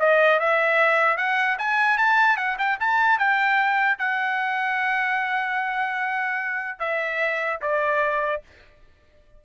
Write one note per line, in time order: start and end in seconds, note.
0.00 0.40 D#5
0.40 1.18 E5
1.18 1.58 F#5
1.59 1.98 G#5
1.98 2.37 A5
2.37 2.57 F#5
2.58 2.79 G5
2.80 3.19 A5
3.19 3.99 G5
3.99 6.80 F#5
6.80 7.60 E5
7.62 8.42 D5